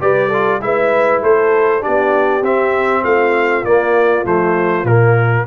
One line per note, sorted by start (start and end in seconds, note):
0.00 0.61 G3
0.00 0.30 G4
0.00 0.28 B4
0.00 0.61 D5
0.28 0.61 F4
0.28 0.58 A4
0.61 1.21 G#3
0.61 1.80 E4
0.61 1.23 B4
0.61 1.22 E5
1.22 1.82 A3
1.22 1.81 A4
1.22 1.83 C5
1.80 2.41 D4
1.80 3.02 G4
1.80 2.43 D5
1.87 2.42 B3
2.42 3.02 C4
2.42 3.65 C4
2.42 3.04 E5
3.03 3.63 A3
3.03 5.45 F4
3.03 3.64 F5
3.64 4.24 A#3
3.64 4.25 A#3
3.64 4.25 D5
4.25 4.83 F3
4.25 4.85 A3
4.25 4.85 C5
4.83 5.44 A#2
4.83 5.46 A#3
4.83 5.46 A#4